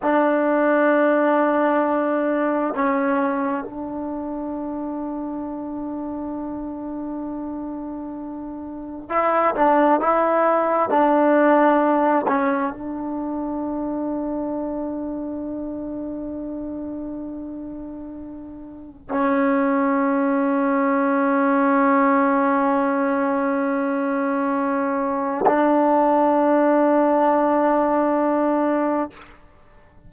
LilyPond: \new Staff \with { instrumentName = "trombone" } { \time 4/4 \tempo 4 = 66 d'2. cis'4 | d'1~ | d'2 e'8 d'8 e'4 | d'4. cis'8 d'2~ |
d'1~ | d'4 cis'2.~ | cis'1 | d'1 | }